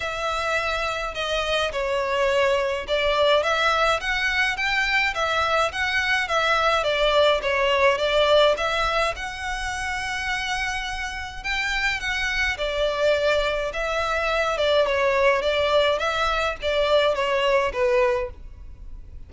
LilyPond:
\new Staff \with { instrumentName = "violin" } { \time 4/4 \tempo 4 = 105 e''2 dis''4 cis''4~ | cis''4 d''4 e''4 fis''4 | g''4 e''4 fis''4 e''4 | d''4 cis''4 d''4 e''4 |
fis''1 | g''4 fis''4 d''2 | e''4. d''8 cis''4 d''4 | e''4 d''4 cis''4 b'4 | }